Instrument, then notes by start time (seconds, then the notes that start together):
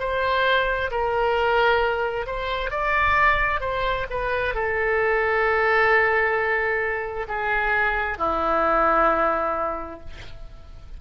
oboe
0.00 C5
0.91 A#4
2.27 C5
2.71 D5
3.61 C5
4.11 B4
4.55 A4
7.29 G#4
8.19 E4